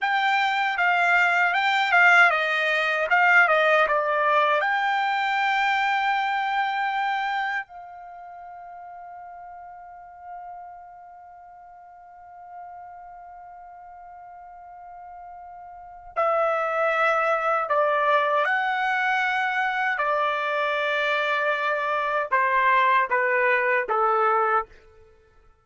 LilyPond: \new Staff \with { instrumentName = "trumpet" } { \time 4/4 \tempo 4 = 78 g''4 f''4 g''8 f''8 dis''4 | f''8 dis''8 d''4 g''2~ | g''2 f''2~ | f''1~ |
f''1~ | f''4 e''2 d''4 | fis''2 d''2~ | d''4 c''4 b'4 a'4 | }